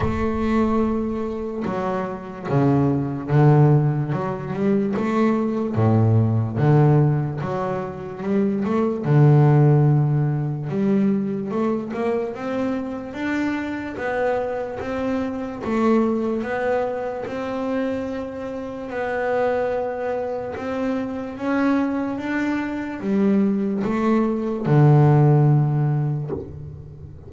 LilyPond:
\new Staff \with { instrumentName = "double bass" } { \time 4/4 \tempo 4 = 73 a2 fis4 cis4 | d4 fis8 g8 a4 a,4 | d4 fis4 g8 a8 d4~ | d4 g4 a8 ais8 c'4 |
d'4 b4 c'4 a4 | b4 c'2 b4~ | b4 c'4 cis'4 d'4 | g4 a4 d2 | }